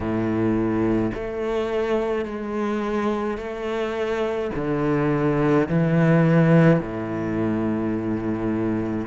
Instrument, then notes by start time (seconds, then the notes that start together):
cello
0.00 A2
1.14 A3
2.25 G#3
3.37 A3
4.55 D3
5.69 E3
6.79 A2